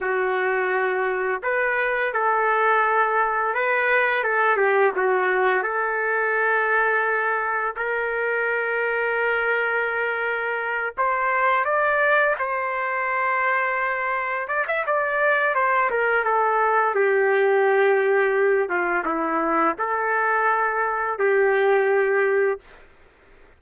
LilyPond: \new Staff \with { instrumentName = "trumpet" } { \time 4/4 \tempo 4 = 85 fis'2 b'4 a'4~ | a'4 b'4 a'8 g'8 fis'4 | a'2. ais'4~ | ais'2.~ ais'8 c''8~ |
c''8 d''4 c''2~ c''8~ | c''8 d''16 e''16 d''4 c''8 ais'8 a'4 | g'2~ g'8 f'8 e'4 | a'2 g'2 | }